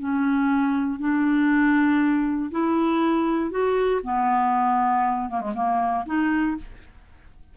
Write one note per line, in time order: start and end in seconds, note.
0.00 1.00 C#4
1.00 2.51 D4
2.51 3.51 E4
3.51 4.01 F#4
4.04 5.30 B3
5.30 5.41 A#3
5.41 5.54 G#3
5.55 6.05 A#3
6.06 6.57 D#4